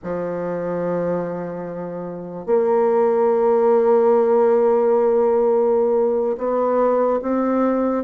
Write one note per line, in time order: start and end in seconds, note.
0.03 2.46 F3
2.46 6.36 A#3
6.37 7.20 B3
7.21 8.03 C4